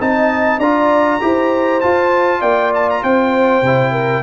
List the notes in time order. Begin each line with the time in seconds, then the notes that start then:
0.00 C4 D#4 D#5 A5
0.58 D4 F4 D5 A#5
1.20 E4 G4 C5
1.81 F4 A5
2.41 A#3 D5 G5
2.74 A5
2.90 A#5
3.03 C4 C5 G5
3.62 C3 E4
3.92 A#4